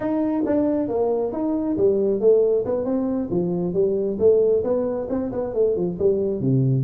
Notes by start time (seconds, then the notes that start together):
0.00 D#4
0.45 D4
0.88 A#3
1.32 D#4
1.77 G3
2.20 A3
2.65 B3
2.85 C4
3.30 F3
3.73 G3
4.19 A3
4.63 B3
5.09 C4
5.32 B3
5.53 A3
5.76 F3
5.99 G3
6.40 C3